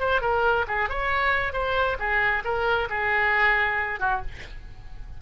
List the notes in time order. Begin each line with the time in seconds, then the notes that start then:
0.00 C5
0.21 A#4
0.68 G#4
0.89 C#5
1.53 C5
1.99 G#4
2.44 A#4
2.90 G#4
4.00 F#4